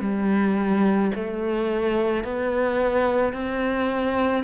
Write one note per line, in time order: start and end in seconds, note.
0.00 1.11 G3
1.14 2.23 A3
2.23 3.33 B3
3.33 4.43 C4